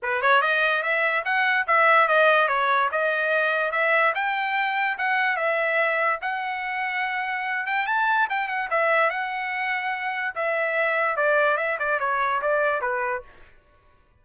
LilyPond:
\new Staff \with { instrumentName = "trumpet" } { \time 4/4 \tempo 4 = 145 b'8 cis''8 dis''4 e''4 fis''4 | e''4 dis''4 cis''4 dis''4~ | dis''4 e''4 g''2 | fis''4 e''2 fis''4~ |
fis''2~ fis''8 g''8 a''4 | g''8 fis''8 e''4 fis''2~ | fis''4 e''2 d''4 | e''8 d''8 cis''4 d''4 b'4 | }